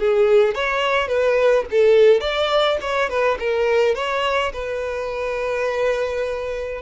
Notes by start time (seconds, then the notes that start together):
0.00 G#4
0.55 C#5
1.08 B4
1.71 A4
2.21 D5
2.82 C#5
3.10 B4
3.40 A#4
3.95 C#5
4.54 B4